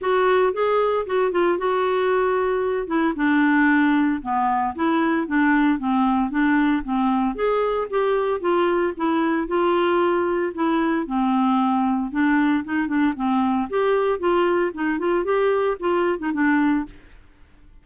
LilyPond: \new Staff \with { instrumentName = "clarinet" } { \time 4/4 \tempo 4 = 114 fis'4 gis'4 fis'8 f'8 fis'4~ | fis'4. e'8 d'2 | b4 e'4 d'4 c'4 | d'4 c'4 gis'4 g'4 |
f'4 e'4 f'2 | e'4 c'2 d'4 | dis'8 d'8 c'4 g'4 f'4 | dis'8 f'8 g'4 f'8. dis'16 d'4 | }